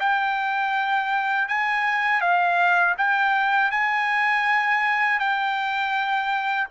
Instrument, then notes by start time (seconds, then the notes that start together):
trumpet
0.00 G5
1.48 G#5
2.21 F5
2.98 G5
3.71 G#5
5.20 G5